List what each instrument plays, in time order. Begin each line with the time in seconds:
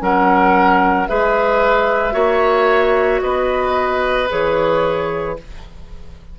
0.00 bassoon F#3, clarinet C#4, oboe A#4, flute F#5
1.07 bassoon G#3, clarinet G#4, oboe B4, flute E5
2.12 bassoon A#3, clarinet F#4, oboe C#5
3.21 bassoon B3, oboe B4, flute D#5
4.29 bassoon E3, clarinet G#4, flute C#5